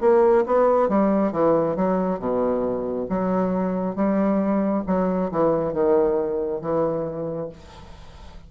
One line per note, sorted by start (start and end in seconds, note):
0.00 0.44 A#3
0.46 0.89 B3
0.89 1.32 G3
1.32 1.76 E3
1.76 2.19 F#3
2.19 3.07 B2
3.09 3.95 F#3
3.95 4.83 G3
4.86 5.31 F#3
5.31 5.73 E3
5.73 6.61 D#3
6.61 7.49 E3